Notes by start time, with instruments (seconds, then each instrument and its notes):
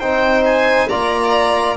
0.00 double bass C4, trombone D#4, violin C5 G5
0.46 violin G#5
0.89 double bass A#3, trombone F4, violin D5 A#5